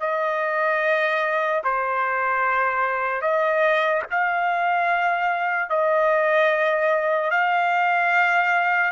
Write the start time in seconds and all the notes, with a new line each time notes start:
0.00 D#5
1.64 C5
3.21 D#5
4.11 F5
5.69 D#5
7.30 F5